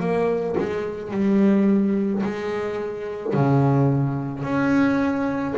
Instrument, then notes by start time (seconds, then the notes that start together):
double bass
0.00 A#3
0.58 G#3
1.11 G3
2.23 G#3
3.33 C#3
4.43 C#4